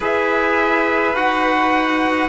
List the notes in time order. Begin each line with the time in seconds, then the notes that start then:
0.00 E4 G#4 B4 E5
1.14 D#4 F#4 F#5